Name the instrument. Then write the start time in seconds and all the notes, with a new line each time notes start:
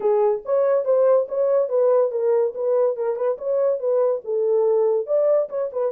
horn
0.00 G#4
0.45 C#5
0.84 C5
1.28 C#5
1.69 B4
2.11 A#4
2.54 B4
2.96 A#4
3.16 B4
3.38 C#5
3.79 B4
4.24 A4
5.06 D5
5.49 C#5
5.72 B4